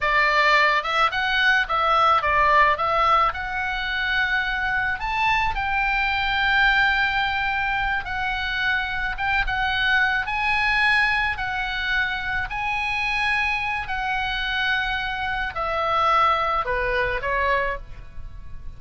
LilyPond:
\new Staff \with { instrumentName = "oboe" } { \time 4/4 \tempo 4 = 108 d''4. e''8 fis''4 e''4 | d''4 e''4 fis''2~ | fis''4 a''4 g''2~ | g''2~ g''8 fis''4.~ |
fis''8 g''8 fis''4. gis''4.~ | gis''8 fis''2 gis''4.~ | gis''4 fis''2. | e''2 b'4 cis''4 | }